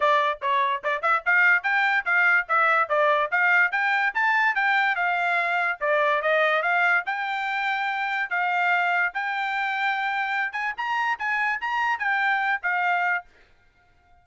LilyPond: \new Staff \with { instrumentName = "trumpet" } { \time 4/4 \tempo 4 = 145 d''4 cis''4 d''8 e''8 f''4 | g''4 f''4 e''4 d''4 | f''4 g''4 a''4 g''4 | f''2 d''4 dis''4 |
f''4 g''2. | f''2 g''2~ | g''4. gis''8 ais''4 gis''4 | ais''4 g''4. f''4. | }